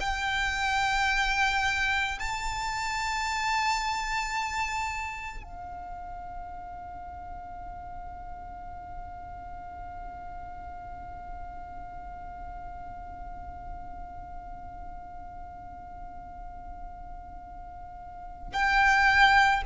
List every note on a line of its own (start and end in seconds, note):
0.00 2.18 G5
2.19 5.43 A5
5.43 18.52 F5
18.53 19.62 G5